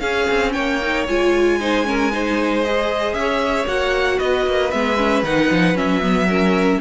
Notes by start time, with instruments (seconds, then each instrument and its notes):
0.00 cello C#4, viola C#4, violin G#4 F5
0.30 cello C4
0.52 cello A#3, violin C#5 G5
0.82 viola D#4
1.08 cello G#3, viola F4, violin G#5
1.60 viola D#4, violin C5
1.85 viola C#4, violin A#4
2.12 viola D#4, violin C5
2.64 viola G#4, violin D#5
3.13 cello C#4, violin C#5 E5
3.67 cello A#3, viola F#4, violin F#5
4.17 cello B3, violin B4 D#5
4.47 cello A#3
4.71 cello G#3, viola B3, violin E5
4.98 viola C#4
5.23 cello D#3, viola D#4, violin F#5
5.51 cello F3
5.74 cello F#3, viola C#4, violin E5
6.01 viola B3
6.28 viola C#4, violin A#4